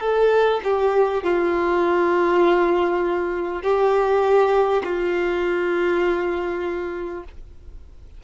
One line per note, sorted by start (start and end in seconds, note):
0.00 0.60 A4
0.64 1.23 G4
1.23 3.62 F4
3.62 4.82 G4
4.83 7.23 F4